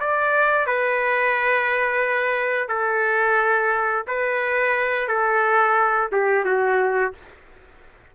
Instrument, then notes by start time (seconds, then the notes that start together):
trumpet
0.00 D5
0.66 B4
2.68 A4
4.07 B4
5.08 A4
6.12 G4
6.45 F#4